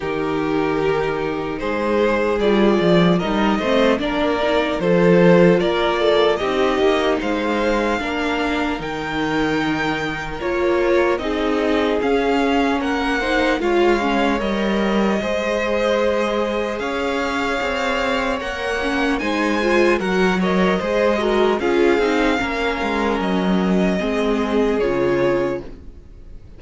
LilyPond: <<
  \new Staff \with { instrumentName = "violin" } { \time 4/4 \tempo 4 = 75 ais'2 c''4 d''4 | dis''4 d''4 c''4 d''4 | dis''4 f''2 g''4~ | g''4 cis''4 dis''4 f''4 |
fis''4 f''4 dis''2~ | dis''4 f''2 fis''4 | gis''4 fis''8 dis''4. f''4~ | f''4 dis''2 cis''4 | }
  \new Staff \with { instrumentName = "violin" } { \time 4/4 g'2 gis'2 | ais'8 c''8 ais'4 a'4 ais'8 a'8 | g'4 c''4 ais'2~ | ais'2 gis'2 |
ais'8 c''8 cis''2 c''4~ | c''4 cis''2. | c''4 ais'8 cis''8 c''8 ais'8 gis'4 | ais'2 gis'2 | }
  \new Staff \with { instrumentName = "viola" } { \time 4/4 dis'2. f'4 | dis'8 c'8 d'8 dis'8 f'2 | dis'2 d'4 dis'4~ | dis'4 f'4 dis'4 cis'4~ |
cis'8 dis'8 f'8 cis'8 ais'4 gis'4~ | gis'2. ais'8 cis'8 | dis'8 f'8 fis'8 ais'8 gis'8 fis'8 f'8 dis'8 | cis'2 c'4 f'4 | }
  \new Staff \with { instrumentName = "cello" } { \time 4/4 dis2 gis4 g8 f8 | g8 a8 ais4 f4 ais4 | c'8 ais8 gis4 ais4 dis4~ | dis4 ais4 c'4 cis'4 |
ais4 gis4 g4 gis4~ | gis4 cis'4 c'4 ais4 | gis4 fis4 gis4 cis'8 c'8 | ais8 gis8 fis4 gis4 cis4 | }
>>